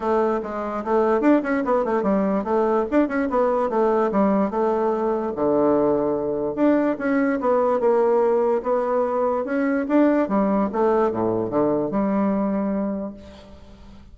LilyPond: \new Staff \with { instrumentName = "bassoon" } { \time 4/4 \tempo 4 = 146 a4 gis4 a4 d'8 cis'8 | b8 a8 g4 a4 d'8 cis'8 | b4 a4 g4 a4~ | a4 d2. |
d'4 cis'4 b4 ais4~ | ais4 b2 cis'4 | d'4 g4 a4 a,4 | d4 g2. | }